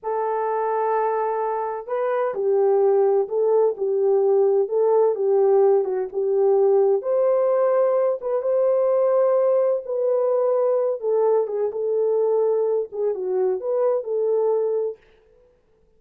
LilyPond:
\new Staff \with { instrumentName = "horn" } { \time 4/4 \tempo 4 = 128 a'1 | b'4 g'2 a'4 | g'2 a'4 g'4~ | g'8 fis'8 g'2 c''4~ |
c''4. b'8 c''2~ | c''4 b'2~ b'8 a'8~ | a'8 gis'8 a'2~ a'8 gis'8 | fis'4 b'4 a'2 | }